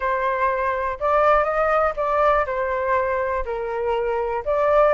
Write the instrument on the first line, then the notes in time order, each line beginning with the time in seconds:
flute
0.00 C5
1.00 D5
1.44 D#5
1.96 D5
2.46 C5
3.45 A#4
4.45 D5